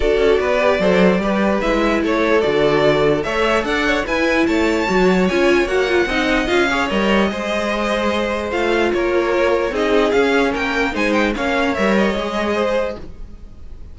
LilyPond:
<<
  \new Staff \with { instrumentName = "violin" } { \time 4/4 \tempo 4 = 148 d''1 | e''4 cis''4 d''2 | e''4 fis''4 gis''4 a''4~ | a''4 gis''4 fis''2 |
f''4 dis''2.~ | dis''4 f''4 cis''2 | dis''4 f''4 g''4 gis''8 g''8 | f''4 e''8 dis''2~ dis''8 | }
  \new Staff \with { instrumentName = "violin" } { \time 4/4 a'4 b'4 c''4 b'4~ | b'4 a'2. | cis''4 d''8 cis''8 b'4 cis''4~ | cis''2. dis''4~ |
dis''8 cis''4. c''2~ | c''2 ais'2 | gis'2 ais'4 c''4 | cis''2. c''4 | }
  \new Staff \with { instrumentName = "viola" } { \time 4/4 fis'4. g'8 a'4 g'4 | e'2 fis'2 | a'2 e'2 | fis'4 f'4 fis'8 f'8 dis'4 |
f'8 gis'8 ais'4 gis'2~ | gis'4 f'2. | dis'4 cis'2 dis'4 | cis'4 ais'4 gis'2 | }
  \new Staff \with { instrumentName = "cello" } { \time 4/4 d'8 cis'8 b4 fis4 g4 | gis4 a4 d2 | a4 d'4 e'4 a4 | fis4 cis'4 ais4 c'4 |
cis'4 g4 gis2~ | gis4 a4 ais2 | c'4 cis'4 ais4 gis4 | ais4 g4 gis2 | }
>>